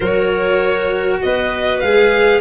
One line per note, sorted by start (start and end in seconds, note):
0.00 1.21 F#3
0.00 1.83 F#4
0.00 1.20 A#4
0.00 1.20 C#5
1.22 1.82 B3
1.22 2.41 B4
1.22 1.80 D#5
1.80 2.41 G#3
1.80 2.41 G#4
1.80 2.40 F5